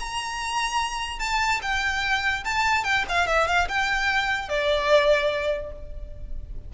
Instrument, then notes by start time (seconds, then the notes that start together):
violin
0.00 A#5
1.20 A5
1.62 G5
2.45 A5
2.84 G5
3.09 F5
3.27 E5
3.47 F5
3.69 G5
4.49 D5